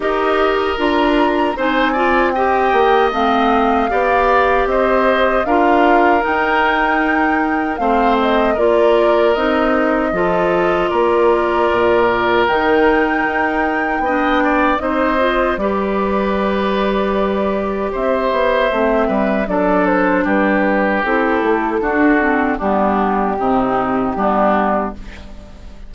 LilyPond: <<
  \new Staff \with { instrumentName = "flute" } { \time 4/4 \tempo 4 = 77 dis''4 ais''4 gis''4 g''4 | f''2 dis''4 f''4 | g''2 f''8 dis''8 d''4 | dis''2 d''2 |
g''2. dis''4 | d''2. e''4~ | e''4 d''8 c''8 b'4 a'4~ | a'4 g'2. | }
  \new Staff \with { instrumentName = "oboe" } { \time 4/4 ais'2 c''8 d''8 dis''4~ | dis''4 d''4 c''4 ais'4~ | ais'2 c''4 ais'4~ | ais'4 a'4 ais'2~ |
ais'2 dis''8 d''8 c''4 | b'2. c''4~ | c''8 b'8 a'4 g'2 | fis'4 d'4 dis'4 d'4 | }
  \new Staff \with { instrumentName = "clarinet" } { \time 4/4 g'4 f'4 dis'8 f'8 g'4 | c'4 g'2 f'4 | dis'2 c'4 f'4 | dis'4 f'2. |
dis'2 d'4 dis'8 f'8 | g'1 | c'4 d'2 e'4 | d'8 c'8 b4 c'4 b4 | }
  \new Staff \with { instrumentName = "bassoon" } { \time 4/4 dis'4 d'4 c'4. ais8 | a4 b4 c'4 d'4 | dis'2 a4 ais4 | c'4 f4 ais4 ais,4 |
dis4 dis'4 b4 c'4 | g2. c'8 b8 | a8 g8 fis4 g4 c'8 a8 | d'4 g4 c4 g4 | }
>>